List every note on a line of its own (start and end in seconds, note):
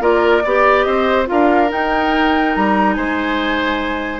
0.00 0.42 A#3
0.00 0.42 F4
0.00 0.43 A#4
0.00 0.82 D5
0.44 0.85 B3
0.44 1.25 G4
0.44 0.85 D5
0.82 1.27 C4
0.82 1.27 C5
0.82 1.24 D#5
1.25 1.72 D4
1.25 1.67 F4
1.25 2.96 A#4
1.25 1.71 F5
1.68 4.20 D#4
1.68 2.55 D#4
1.68 2.55 G5
2.55 2.96 G3
2.55 2.94 A#5
2.94 4.20 G#3
2.94 4.20 C5
2.94 4.19 G#5